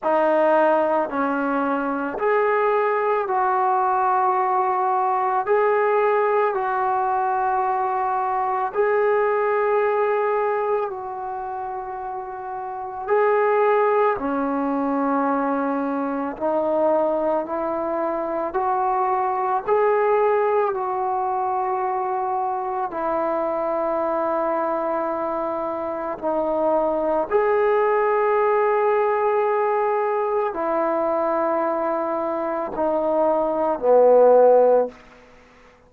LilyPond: \new Staff \with { instrumentName = "trombone" } { \time 4/4 \tempo 4 = 55 dis'4 cis'4 gis'4 fis'4~ | fis'4 gis'4 fis'2 | gis'2 fis'2 | gis'4 cis'2 dis'4 |
e'4 fis'4 gis'4 fis'4~ | fis'4 e'2. | dis'4 gis'2. | e'2 dis'4 b4 | }